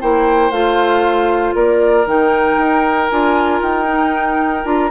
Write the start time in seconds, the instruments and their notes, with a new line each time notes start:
0.00 bassoon A#3, clarinet E4, oboe C5, flute G5
0.50 bassoon A3, clarinet F4, flute F5
1.54 bassoon A#3, oboe A#4, flute D5
2.05 bassoon D#3, clarinet D#4, flute G5
2.57 bassoon D#4
3.09 bassoon D4, clarinet F4, flute G#5
3.61 bassoon D#4, flute G5
3.85 clarinet D#4
4.64 bassoon D4, clarinet F4, flute A#5